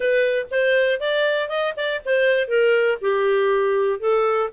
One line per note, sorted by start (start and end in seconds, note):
0.00 0.46 B4
0.50 1.00 C5
1.00 1.49 D5
1.49 1.74 D#5
1.76 2.01 D5
2.05 2.48 C5
2.48 2.97 A#4
3.01 3.99 G4
3.99 4.49 A4